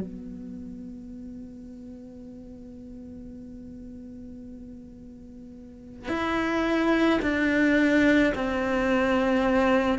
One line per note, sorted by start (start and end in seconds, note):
0.00 6.08 B3
6.08 7.19 E4
7.22 8.33 D4
8.34 9.98 C4